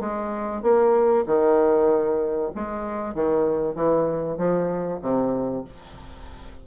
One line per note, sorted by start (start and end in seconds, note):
0.00 0.62 G#3
0.62 1.25 A#3
1.26 2.51 D#3
2.55 3.14 G#3
3.14 3.75 D#3
3.75 4.38 E3
4.38 5.00 F3
5.02 5.64 C3